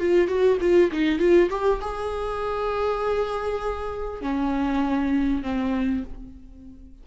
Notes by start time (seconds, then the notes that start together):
0.00 F4
0.28 F#4
0.61 F4
0.92 D#4
1.19 F4
1.50 G4
1.81 G#4
4.21 C#4
5.43 C4